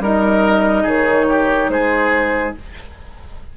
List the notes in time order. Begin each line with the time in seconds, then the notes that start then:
0.00 G3 D#4 A#4 D#5
0.83 D#3 G#4 C#5
1.29 G4
1.69 G#3 G#4 C5